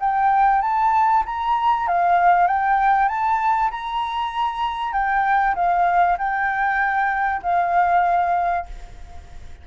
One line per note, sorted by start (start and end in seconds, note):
0.00 0.62 G5
0.62 1.24 A5
1.26 1.88 A#5
1.88 2.47 F5
2.47 3.09 G5
3.09 3.71 A5
3.71 4.93 A#5
4.93 5.55 G5
5.55 6.17 F5
6.18 7.42 G5
7.43 8.66 F5